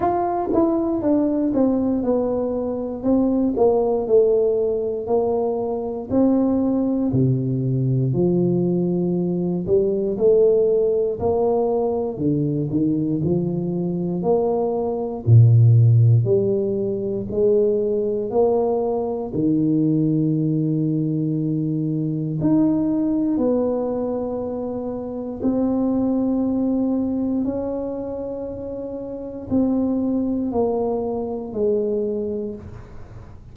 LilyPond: \new Staff \with { instrumentName = "tuba" } { \time 4/4 \tempo 4 = 59 f'8 e'8 d'8 c'8 b4 c'8 ais8 | a4 ais4 c'4 c4 | f4. g8 a4 ais4 | d8 dis8 f4 ais4 ais,4 |
g4 gis4 ais4 dis4~ | dis2 dis'4 b4~ | b4 c'2 cis'4~ | cis'4 c'4 ais4 gis4 | }